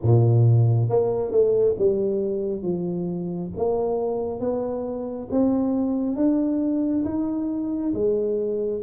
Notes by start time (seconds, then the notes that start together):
0.02 A#2
0.89 A#3
1.31 A3
1.78 G3
2.62 F3
3.56 A#3
4.40 B3
5.31 C4
6.16 D4
7.05 D#4
7.93 G#3